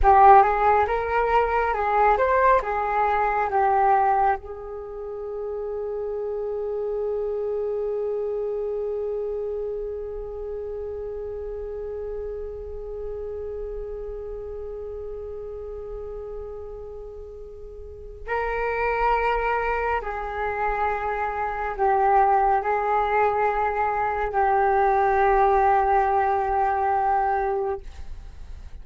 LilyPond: \new Staff \with { instrumentName = "flute" } { \time 4/4 \tempo 4 = 69 g'8 gis'8 ais'4 gis'8 c''8 gis'4 | g'4 gis'2.~ | gis'1~ | gis'1~ |
gis'1~ | gis'4 ais'2 gis'4~ | gis'4 g'4 gis'2 | g'1 | }